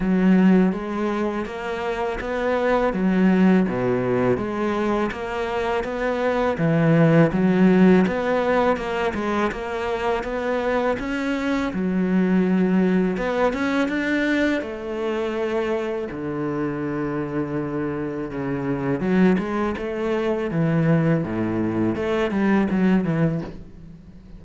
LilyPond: \new Staff \with { instrumentName = "cello" } { \time 4/4 \tempo 4 = 82 fis4 gis4 ais4 b4 | fis4 b,4 gis4 ais4 | b4 e4 fis4 b4 | ais8 gis8 ais4 b4 cis'4 |
fis2 b8 cis'8 d'4 | a2 d2~ | d4 cis4 fis8 gis8 a4 | e4 a,4 a8 g8 fis8 e8 | }